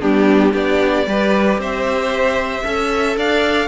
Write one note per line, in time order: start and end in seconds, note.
0.00 0.54 G3
0.00 0.52 B3
0.00 0.52 D4
0.00 0.54 G4
0.52 1.06 B3
0.52 1.05 D4
0.52 1.05 G4
0.52 1.60 D5
1.06 1.58 G3
1.06 2.64 G4
1.06 1.60 B4
1.58 2.63 C4
1.58 2.64 C5
1.58 3.18 E5
2.64 3.17 C#4
2.64 3.67 A4
2.64 3.17 E5
3.17 3.67 D4
3.17 3.67 D5
3.17 3.67 F5